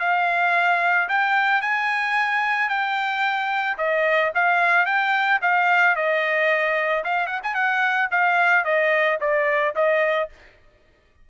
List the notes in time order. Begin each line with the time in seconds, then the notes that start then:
0.00 F5
1.09 G5
1.61 G#5
2.69 G5
3.78 D#5
4.34 F5
4.86 G5
5.42 F5
5.96 D#5
7.04 F5
7.27 F#5
7.43 G#5
7.54 F#5
8.11 F5
8.64 D#5
9.21 D5
9.75 D#5